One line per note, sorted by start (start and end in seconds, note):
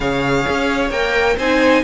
0.00 0.45 C#3
0.00 0.92 G#4
0.00 1.37 C#5
0.00 0.90 F5
0.49 0.90 C#4
0.90 1.36 A#3
0.90 1.38 A#4
0.90 1.37 G5
1.37 1.83 C4
1.37 1.84 D#4
1.37 1.82 C5
1.37 1.84 G#5